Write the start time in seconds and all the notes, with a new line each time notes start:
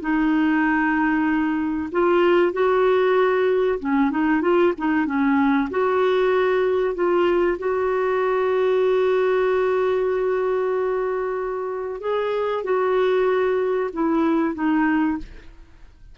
0.00 D#4
1.92 F4
2.53 F#4
3.79 C#4
4.11 D#4
4.41 F4
4.78 D#4
5.06 C#4
5.70 F#4
6.94 F4
7.58 F#4
12.01 G#4
12.64 F#4
13.93 E4
14.55 D#4